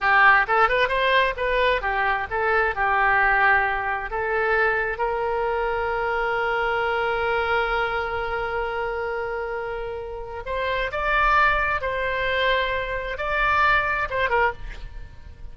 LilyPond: \new Staff \with { instrumentName = "oboe" } { \time 4/4 \tempo 4 = 132 g'4 a'8 b'8 c''4 b'4 | g'4 a'4 g'2~ | g'4 a'2 ais'4~ | ais'1~ |
ais'1~ | ais'2. c''4 | d''2 c''2~ | c''4 d''2 c''8 ais'8 | }